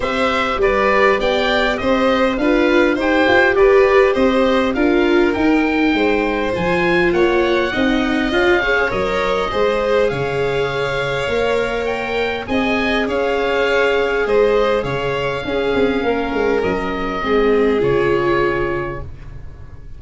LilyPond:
<<
  \new Staff \with { instrumentName = "oboe" } { \time 4/4 \tempo 4 = 101 e''4 d''4 g''4 dis''4 | f''4 g''4 d''4 dis''4 | f''4 g''2 gis''4 | fis''2 f''4 dis''4~ |
dis''4 f''2. | g''4 gis''4 f''2 | dis''4 f''2. | dis''2 cis''2 | }
  \new Staff \with { instrumentName = "violin" } { \time 4/4 c''4 b'4 d''4 c''4 | b'4 c''4 b'4 c''4 | ais'2 c''2 | cis''4 dis''4. cis''4. |
c''4 cis''2.~ | cis''4 dis''4 cis''2 | c''4 cis''4 gis'4 ais'4~ | ais'4 gis'2. | }
  \new Staff \with { instrumentName = "viola" } { \time 4/4 g'1 | f'4 g'2. | f'4 dis'2 f'4~ | f'4 dis'4 f'8 gis'8 ais'4 |
gis'2. ais'4~ | ais'4 gis'2.~ | gis'2 cis'2~ | cis'4 c'4 f'2 | }
  \new Staff \with { instrumentName = "tuba" } { \time 4/4 c'4 g4 b4 c'4 | d'4 dis'8 f'8 g'4 c'4 | d'4 dis'4 gis4 f4 | ais4 c'4 cis'4 fis4 |
gis4 cis2 ais4~ | ais4 c'4 cis'2 | gis4 cis4 cis'8 c'8 ais8 gis8 | fis4 gis4 cis2 | }
>>